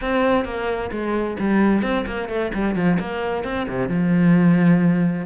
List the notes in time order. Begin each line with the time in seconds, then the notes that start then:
0.01 C4
0.44 A#3
0.91 G#3
1.39 G3
1.82 C4
2.06 A#3
2.28 A3
2.54 G3
2.75 F3
2.99 A#3
3.44 C4
3.68 C3
3.88 F3